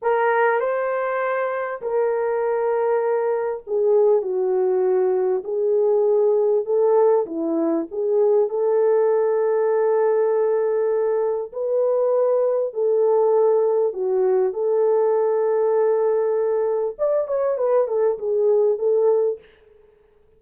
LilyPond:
\new Staff \with { instrumentName = "horn" } { \time 4/4 \tempo 4 = 99 ais'4 c''2 ais'4~ | ais'2 gis'4 fis'4~ | fis'4 gis'2 a'4 | e'4 gis'4 a'2~ |
a'2. b'4~ | b'4 a'2 fis'4 | a'1 | d''8 cis''8 b'8 a'8 gis'4 a'4 | }